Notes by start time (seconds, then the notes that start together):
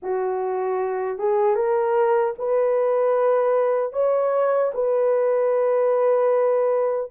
0.02 F#4
1.18 G#4
1.55 A#4
2.38 B4
3.93 C#5
4.74 B4